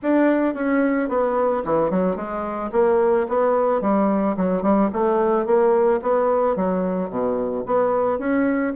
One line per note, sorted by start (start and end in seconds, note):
0.02 0.54 D4
0.54 1.08 C#4
1.08 1.63 B3
1.64 1.90 E3
1.90 2.15 F#3
2.15 2.70 G#3
2.72 3.26 A#3
3.28 3.81 B3
3.81 4.35 G3
4.36 4.62 F#3
4.62 4.89 G3
4.92 5.45 A3
5.45 6.00 A#3
6.02 6.56 B3
6.56 7.09 F#3
7.09 7.64 B2
7.66 8.18 B3
8.18 8.73 C#4